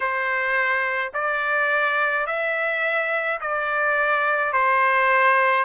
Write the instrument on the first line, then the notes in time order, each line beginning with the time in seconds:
trumpet
0.00 C5
1.13 D5
2.26 E5
3.40 D5
4.53 C5